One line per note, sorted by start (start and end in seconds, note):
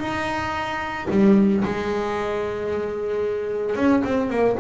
0.00 1.07 D#4
1.11 1.64 G3
1.65 3.76 G#3
3.76 4.03 C#4
4.04 4.30 C4
4.30 4.57 A#3